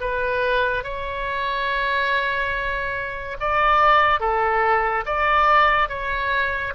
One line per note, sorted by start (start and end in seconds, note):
0.00 0.83 B4
0.83 3.37 C#5
3.40 4.19 D5
4.19 5.04 A4
5.05 5.88 D5
5.88 6.73 C#5